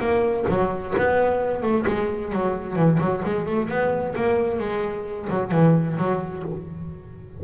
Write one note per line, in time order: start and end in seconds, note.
0.00 0.46 A#3
0.49 0.95 F#3
0.98 1.63 B3
1.63 1.85 A3
1.88 2.33 G#3
2.33 2.76 F#3
2.76 2.99 E3
3.00 3.23 F#3
3.25 3.46 G#3
3.46 3.69 A3
3.69 4.15 B3
4.16 4.60 A#3
4.60 5.29 G#3
5.30 5.52 F#3
5.52 5.98 E3
5.98 6.44 F#3